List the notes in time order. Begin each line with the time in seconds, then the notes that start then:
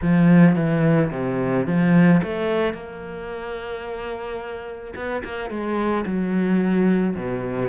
0.02 F3
0.55 E3
1.11 C3
1.66 F3
2.23 A3
2.73 A#3
4.95 B3
5.23 A#3
5.49 G#3
6.06 F#3
7.16 B2